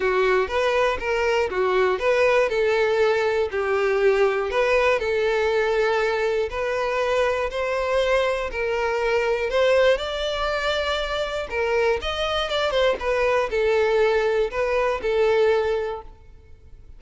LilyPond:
\new Staff \with { instrumentName = "violin" } { \time 4/4 \tempo 4 = 120 fis'4 b'4 ais'4 fis'4 | b'4 a'2 g'4~ | g'4 b'4 a'2~ | a'4 b'2 c''4~ |
c''4 ais'2 c''4 | d''2. ais'4 | dis''4 d''8 c''8 b'4 a'4~ | a'4 b'4 a'2 | }